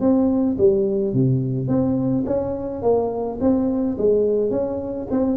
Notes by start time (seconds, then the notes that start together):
0.00 C4
0.58 G3
1.13 C3
1.67 C4
2.25 C#4
2.82 A#3
3.40 C4
3.98 G#3
4.51 C#4
5.10 C4